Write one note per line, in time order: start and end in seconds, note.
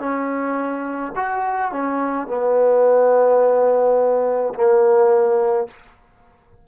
0.00 1.13 C#4
1.16 1.72 F#4
1.72 2.28 C#4
2.28 4.54 B3
4.55 5.68 A#3